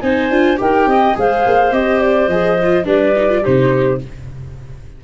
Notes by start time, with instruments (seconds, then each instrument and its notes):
0.00 tuba C4, viola D#4, clarinet C5, flute G#5
0.30 tuba D4, viola F4
0.57 tuba D#4, viola G4, clarinet A#4, flute G5
0.86 tuba C4, clarinet D#5
1.15 tuba G#3, viola G#4, clarinet C5, flute F5
1.46 tuba A#3
1.71 tuba C4, viola G4, flute D#5
2.00 flute D5
2.28 tuba F3, viola G#4, flute D#5
2.63 viola F4
2.84 tuba G3, viola D4, clarinet B4, flute D5
3.16 viola D#4
3.29 viola F4
3.41 tuba C3, viola D#4, clarinet G4, flute C5